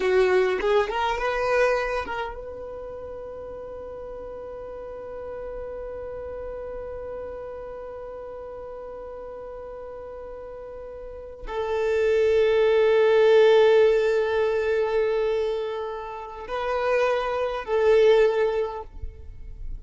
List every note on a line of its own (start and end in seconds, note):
0.00 0.59 F#4
0.60 0.89 G#4
0.89 1.18 A#4
1.18 2.05 B4
2.05 2.34 A#4
2.34 11.46 B4
11.47 16.47 A4
16.47 17.64 B4
17.64 18.82 A4